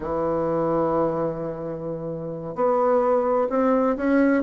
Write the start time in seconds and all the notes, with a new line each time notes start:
0.00 E3
2.55 B3
3.49 C4
3.96 C#4